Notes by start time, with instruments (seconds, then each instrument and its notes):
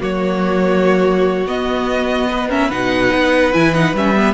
0.00 cello F#3, viola A#3, violin F#4 C#5
1.46 cello B3, viola B3, violin D#5
2.31 violin B4
2.49 viola C#4, violin A#4 E5
2.68 cello B2, viola D#4, violin B4 F#5
3.13 cello B3
3.53 cello E3, viola E4, violin G#5
3.74 viola D#4, violin F#5
3.94 cello G3, viola C#4, violin E5
4.15 viola B3